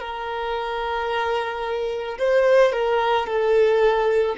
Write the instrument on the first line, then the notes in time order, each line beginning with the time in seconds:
violin
0.00 A#4
2.19 C5
2.73 A#4
3.27 A4